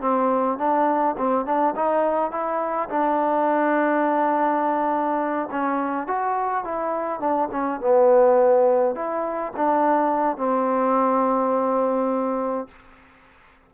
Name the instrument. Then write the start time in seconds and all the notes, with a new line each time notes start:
trombone
0.00 C4
0.57 D4
1.17 C4
1.45 D4
1.75 D#4
2.31 E4
2.89 D4
5.51 C#4
6.07 F#4
6.64 E4
7.20 D4
7.51 C#4
7.80 B3
8.95 E4
9.56 D4
10.37 C4